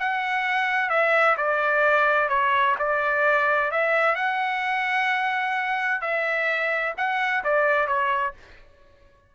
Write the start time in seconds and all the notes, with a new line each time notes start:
0.00 F#5
0.90 E5
1.37 D5
2.29 C#5
2.79 D5
3.71 E5
4.15 F#5
6.01 E5
6.97 F#5
7.44 D5
7.88 C#5